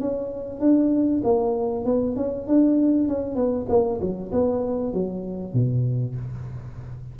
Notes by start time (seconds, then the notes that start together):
0.00 C#4
0.60 D4
1.24 A#3
1.85 B3
2.16 C#4
2.47 D4
3.08 C#4
3.35 B3
3.69 A#3
4.00 F#3
4.32 B3
4.93 F#3
5.53 B2